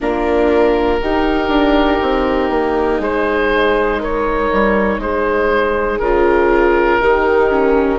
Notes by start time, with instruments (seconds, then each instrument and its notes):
0.00 bassoon A#3, viola D4, horn F4, oboe A#4
1.01 viola D#4, bassoon D#4, horn G4
1.48 bassoon D4
2.02 bassoon C4
2.49 bassoon A#3
2.99 bassoon G#3, horn G#4, oboe C5
3.99 horn A#4, oboe C#5
4.52 bassoon G3
4.98 bassoon G#3, horn G#4, oboe C5
5.99 bassoon C#3, viola F4, oboe A#4
7.00 bassoon D#3, viola D#4, horn G4
7.50 viola C#4